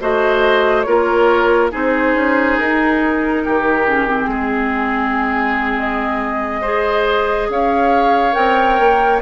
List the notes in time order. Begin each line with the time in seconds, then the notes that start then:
0.00 A3 F#4 C5 D#5
0.82 A#3 F4 A#4 C#5
1.71 C4 D#4 G#4 C5
2.14 C#4
2.58 D#4 A#4
3.44 D#3 G4
3.86 C#4 G#4
4.07 C4
4.27 G#3 G#4
5.79 D#5
6.61 G#4 C5
7.48 C#4 C#5 F5
8.32 C4 A#4 G5
8.79 A#3